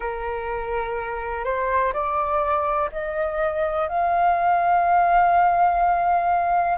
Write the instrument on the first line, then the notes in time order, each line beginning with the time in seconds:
flute
0.00 A#4
1.44 C5
1.93 D5
2.92 D#5
3.88 F5